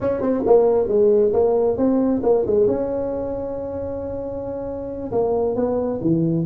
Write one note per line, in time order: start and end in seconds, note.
0.00 0.21 C#4
0.21 0.43 C4
0.46 0.88 A#3
0.88 1.32 G#3
1.32 1.77 A#3
1.77 2.21 C4
2.22 2.45 A#3
2.46 2.66 G#3
2.66 5.11 C#4
5.11 5.55 A#3
5.55 6.00 B3
6.01 6.45 E3